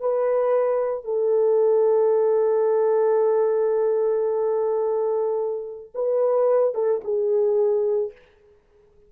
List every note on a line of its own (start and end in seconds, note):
0.00 1.04 B4
1.04 5.91 A4
5.95 6.74 B4
6.74 7.01 A4
7.04 8.12 G#4